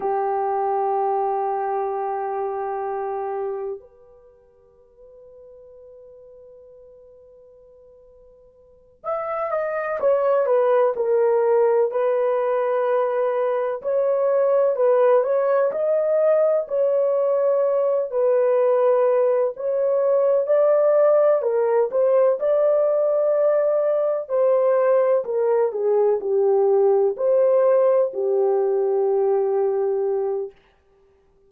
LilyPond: \new Staff \with { instrumentName = "horn" } { \time 4/4 \tempo 4 = 63 g'1 | b'1~ | b'4. e''8 dis''8 cis''8 b'8 ais'8~ | ais'8 b'2 cis''4 b'8 |
cis''8 dis''4 cis''4. b'4~ | b'8 cis''4 d''4 ais'8 c''8 d''8~ | d''4. c''4 ais'8 gis'8 g'8~ | g'8 c''4 g'2~ g'8 | }